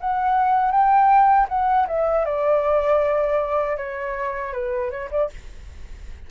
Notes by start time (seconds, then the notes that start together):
0.00 F#5
0.71 G5
1.49 F#5
1.88 E5
2.25 D5
3.77 C#5
4.53 B4
4.91 C#5
5.11 D5